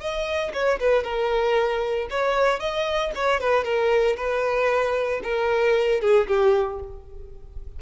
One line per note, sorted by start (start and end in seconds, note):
0.00 0.52 D#5
0.53 0.79 C#5
0.80 1.04 B4
1.04 2.08 A#4
2.10 2.59 C#5
2.59 3.12 D#5
3.15 3.40 C#5
3.40 3.64 B4
3.64 4.16 A#4
4.16 5.21 B4
5.23 6.01 A#4
6.01 6.27 G#4
6.27 6.79 G4